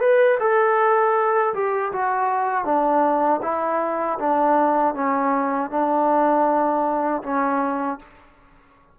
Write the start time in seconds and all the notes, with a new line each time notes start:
0.00 B4
0.39 A4
1.54 G4
1.92 F#4
2.64 D4
3.42 E4
4.19 D4
4.94 C#4
5.70 D4
7.23 C#4